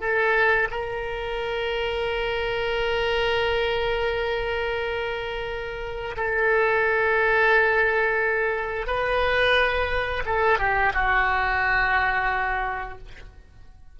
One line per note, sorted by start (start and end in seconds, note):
0.00 0.68 A4
0.70 6.16 A#4
6.16 8.87 A4
8.87 10.23 B4
10.26 10.58 A4
10.58 10.92 G4
10.93 12.98 F#4